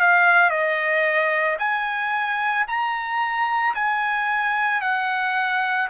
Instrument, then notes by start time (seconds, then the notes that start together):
trumpet
0.00 F5
0.50 D#5
1.59 G#5
2.67 A#5
3.75 G#5
4.81 F#5